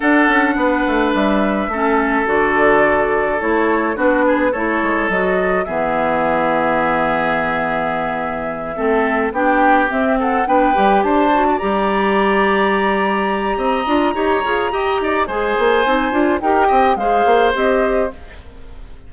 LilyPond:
<<
  \new Staff \with { instrumentName = "flute" } { \time 4/4 \tempo 4 = 106 fis''2 e''2 | d''2 cis''4 b'4 | cis''4 dis''4 e''2~ | e''1~ |
e''8 g''4 e''8 fis''8 g''4 a''8~ | a''8 ais''2.~ ais''8~ | ais''2. gis''4~ | gis''4 g''4 f''4 dis''4 | }
  \new Staff \with { instrumentName = "oboe" } { \time 4/4 a'4 b'2 a'4~ | a'2. fis'8 gis'8 | a'2 gis'2~ | gis'2.~ gis'8 a'8~ |
a'8 g'4. a'8 b'4 c''8~ | c''16 d''2.~ d''8. | dis''4 cis''4 dis''8 d''8 c''4~ | c''4 ais'8 dis''8 c''2 | }
  \new Staff \with { instrumentName = "clarinet" } { \time 4/4 d'2. cis'4 | fis'2 e'4 d'4 | e'4 fis'4 b2~ | b2.~ b8 c'8~ |
c'8 d'4 c'4 d'8 g'4 | fis'8 g'2.~ g'8~ | g'8 f'8 g'8 gis'8 g'4 gis'4 | dis'8 f'8 g'4 gis'4 g'4 | }
  \new Staff \with { instrumentName = "bassoon" } { \time 4/4 d'8 cis'8 b8 a8 g4 a4 | d2 a4 b4 | a8 gis8 fis4 e2~ | e2.~ e8 a8~ |
a8 b4 c'4 b8 g8 d'8~ | d'8 g2.~ g8 | c'8 d'8 dis'8 f'8 g'8 dis'8 gis8 ais8 | c'8 d'8 dis'8 c'8 gis8 ais8 c'4 | }
>>